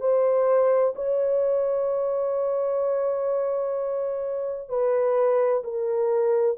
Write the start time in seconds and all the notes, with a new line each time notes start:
0.00 C5
0.95 C#5
4.69 B4
5.63 A#4